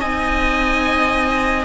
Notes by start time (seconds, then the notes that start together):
0.00 C4 D#4 D#5 G#5